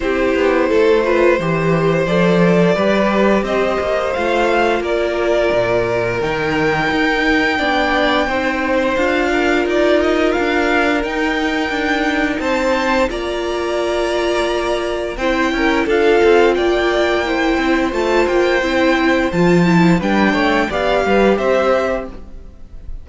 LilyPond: <<
  \new Staff \with { instrumentName = "violin" } { \time 4/4 \tempo 4 = 87 c''2. d''4~ | d''4 dis''4 f''4 d''4~ | d''4 g''2.~ | g''4 f''4 d''8 dis''8 f''4 |
g''2 a''4 ais''4~ | ais''2 g''4 f''4 | g''2 a''8 g''4. | a''4 g''4 f''4 e''4 | }
  \new Staff \with { instrumentName = "violin" } { \time 4/4 g'4 a'8 b'8 c''2 | b'4 c''2 ais'4~ | ais'2. d''4 | c''4. ais'2~ ais'8~ |
ais'2 c''4 d''4~ | d''2 c''8 ais'8 a'4 | d''4 c''2.~ | c''4 b'8 cis''8 d''8 b'8 c''4 | }
  \new Staff \with { instrumentName = "viola" } { \time 4/4 e'4. f'8 g'4 a'4 | g'2 f'2~ | f'4 dis'2 d'4 | dis'4 f'2. |
dis'2. f'4~ | f'2 e'4 f'4~ | f'4 e'4 f'4 e'4 | f'8 e'8 d'4 g'2 | }
  \new Staff \with { instrumentName = "cello" } { \time 4/4 c'8 b8 a4 e4 f4 | g4 c'8 ais8 a4 ais4 | ais,4 dis4 dis'4 b4 | c'4 d'4 dis'4 d'4 |
dis'4 d'4 c'4 ais4~ | ais2 c'8 cis'8 d'8 c'8 | ais4. c'8 a8 ais8 c'4 | f4 g8 a8 b8 g8 c'4 | }
>>